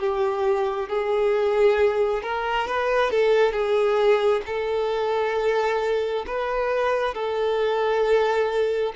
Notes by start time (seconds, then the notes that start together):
0.00 G4
0.89 G#4
2.23 A#4
2.68 B4
3.11 A4
3.53 G#4
4.47 A4
6.27 B4
7.14 A4